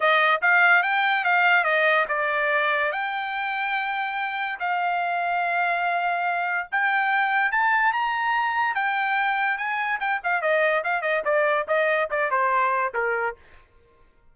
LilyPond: \new Staff \with { instrumentName = "trumpet" } { \time 4/4 \tempo 4 = 144 dis''4 f''4 g''4 f''4 | dis''4 d''2 g''4~ | g''2. f''4~ | f''1 |
g''2 a''4 ais''4~ | ais''4 g''2 gis''4 | g''8 f''8 dis''4 f''8 dis''8 d''4 | dis''4 d''8 c''4. ais'4 | }